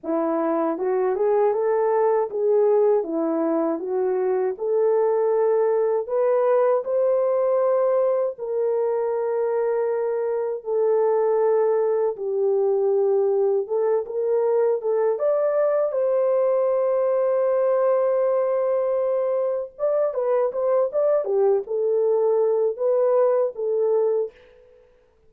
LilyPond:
\new Staff \with { instrumentName = "horn" } { \time 4/4 \tempo 4 = 79 e'4 fis'8 gis'8 a'4 gis'4 | e'4 fis'4 a'2 | b'4 c''2 ais'4~ | ais'2 a'2 |
g'2 a'8 ais'4 a'8 | d''4 c''2.~ | c''2 d''8 b'8 c''8 d''8 | g'8 a'4. b'4 a'4 | }